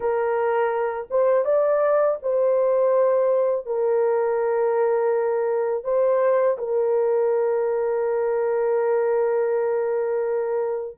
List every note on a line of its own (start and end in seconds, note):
0.00 1.07 A#4
1.10 1.44 C5
1.44 2.18 D5
2.22 3.66 C5
3.66 5.84 A#4
5.84 6.57 C5
6.58 10.97 A#4